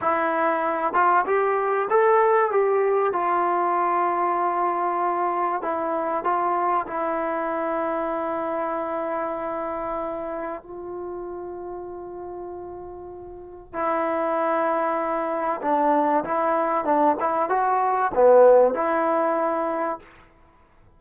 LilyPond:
\new Staff \with { instrumentName = "trombone" } { \time 4/4 \tempo 4 = 96 e'4. f'8 g'4 a'4 | g'4 f'2.~ | f'4 e'4 f'4 e'4~ | e'1~ |
e'4 f'2.~ | f'2 e'2~ | e'4 d'4 e'4 d'8 e'8 | fis'4 b4 e'2 | }